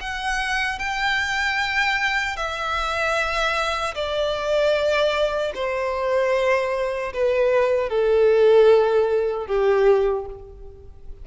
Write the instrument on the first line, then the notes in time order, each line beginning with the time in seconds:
violin
0.00 F#5
0.79 G5
2.36 E5
3.94 D5
5.54 C5
7.13 B4
7.89 A4
9.46 G4